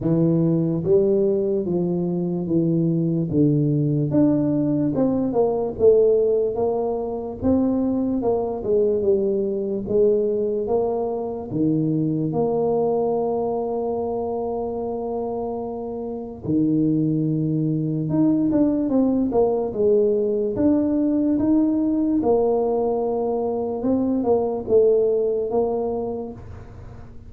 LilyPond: \new Staff \with { instrumentName = "tuba" } { \time 4/4 \tempo 4 = 73 e4 g4 f4 e4 | d4 d'4 c'8 ais8 a4 | ais4 c'4 ais8 gis8 g4 | gis4 ais4 dis4 ais4~ |
ais1 | dis2 dis'8 d'8 c'8 ais8 | gis4 d'4 dis'4 ais4~ | ais4 c'8 ais8 a4 ais4 | }